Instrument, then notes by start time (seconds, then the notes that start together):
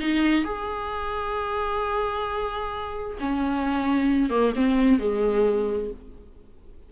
viola
0.00 D#4
0.45 G#4
3.20 C#4
4.31 A#3
4.56 C4
5.00 G#3